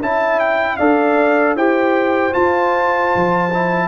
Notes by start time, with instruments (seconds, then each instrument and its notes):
0.00 tuba C#4, trombone E4, horn E5, trumpet A5
0.39 trumpet G5
0.76 tuba D4, trombone A4, horn D5, trumpet F5
1.55 tuba E4, trombone G4, horn C5, trumpet G5
2.32 trombone F4, tuba F4, trumpet A5
3.15 tuba F3
3.52 trombone E4